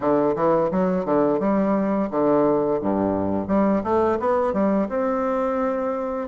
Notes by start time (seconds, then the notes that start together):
0.00 D3
0.35 E3
0.71 F#3
1.05 D3
1.39 G3
2.10 D3
2.81 G2
3.47 G3
3.83 A3
4.19 B3
4.53 G3
4.88 C4